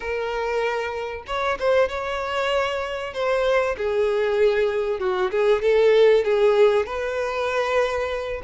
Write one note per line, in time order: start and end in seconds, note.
0.00 1.24 A#4
1.26 1.58 C#5
1.59 1.88 C5
1.88 3.13 C#5
3.13 3.76 C5
3.77 4.99 G#4
4.99 5.30 F#4
5.31 5.62 G#4
5.62 6.24 A4
6.24 6.86 G#4
6.86 8.42 B4